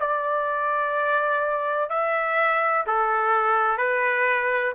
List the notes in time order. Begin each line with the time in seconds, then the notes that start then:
0.00 D5
1.90 E5
2.87 A4
3.78 B4